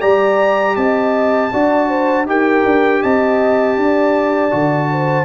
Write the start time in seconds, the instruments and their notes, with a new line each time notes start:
0.00 tuba G3, trombone G4, horn D5, trumpet A#5
0.76 tuba C4, horn D#5, trumpet A5
1.52 tuba D4, trombone F#4, horn D5
1.88 horn C5
2.26 tuba D#4, trombone G4, horn A#4, trumpet G5
2.65 tuba D4
3.02 tuba C4, horn D#5, trumpet A5
3.77 tuba D4, horn D5
4.51 tuba D3, trombone F#4
4.91 horn C5